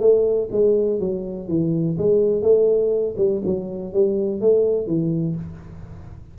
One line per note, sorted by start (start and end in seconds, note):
0.00 0.49 A3
0.52 1.00 G#3
1.00 1.48 F#3
1.48 1.97 E3
1.98 2.42 G#3
2.42 3.15 A3
3.18 3.42 G3
3.45 3.93 F#3
3.93 4.41 G3
4.41 4.87 A3
4.87 5.36 E3